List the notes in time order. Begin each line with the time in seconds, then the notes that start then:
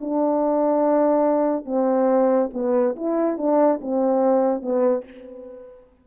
0.00 D4
1.65 C4
2.53 B3
2.96 E4
3.37 D4
3.81 C4
4.62 B3